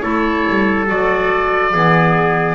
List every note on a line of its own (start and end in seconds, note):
0.00 0.45 A3
0.00 0.86 E4
0.00 1.72 A4
0.00 0.85 C#5
0.49 0.89 G3
0.87 1.74 F#3
0.87 1.71 F#4
0.87 2.54 D5
1.73 2.54 E3
1.73 2.54 B3
1.73 2.54 G#4